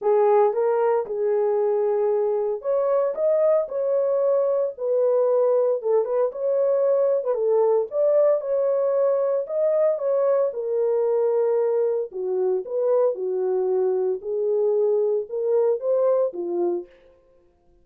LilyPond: \new Staff \with { instrumentName = "horn" } { \time 4/4 \tempo 4 = 114 gis'4 ais'4 gis'2~ | gis'4 cis''4 dis''4 cis''4~ | cis''4 b'2 a'8 b'8 | cis''4.~ cis''16 b'16 a'4 d''4 |
cis''2 dis''4 cis''4 | ais'2. fis'4 | b'4 fis'2 gis'4~ | gis'4 ais'4 c''4 f'4 | }